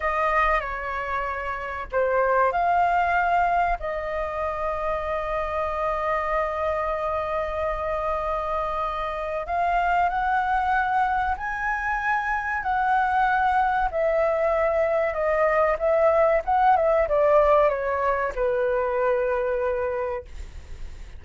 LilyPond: \new Staff \with { instrumentName = "flute" } { \time 4/4 \tempo 4 = 95 dis''4 cis''2 c''4 | f''2 dis''2~ | dis''1~ | dis''2. f''4 |
fis''2 gis''2 | fis''2 e''2 | dis''4 e''4 fis''8 e''8 d''4 | cis''4 b'2. | }